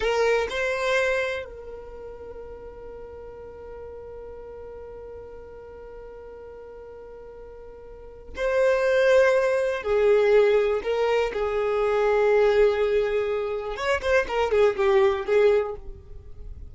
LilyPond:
\new Staff \with { instrumentName = "violin" } { \time 4/4 \tempo 4 = 122 ais'4 c''2 ais'4~ | ais'1~ | ais'1~ | ais'1~ |
ais'4 c''2. | gis'2 ais'4 gis'4~ | gis'1 | cis''8 c''8 ais'8 gis'8 g'4 gis'4 | }